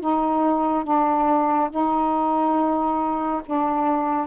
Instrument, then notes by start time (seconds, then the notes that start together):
saxophone
0.00 D#4
0.84 D4
1.70 D#4
3.45 D4